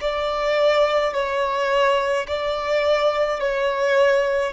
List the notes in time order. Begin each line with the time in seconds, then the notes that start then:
0.00 D5
1.13 C#5
2.27 D5
3.40 C#5